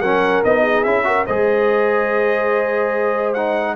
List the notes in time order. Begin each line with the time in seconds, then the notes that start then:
0.00 F#3 C#4 A#4 F#5
0.44 B3 D#4 D#5
0.62 G#4
0.84 C#4 E4 E5
1.04 F#4 A#4
1.26 G#3 G#4 C5 D#5
3.34 D#4 F#5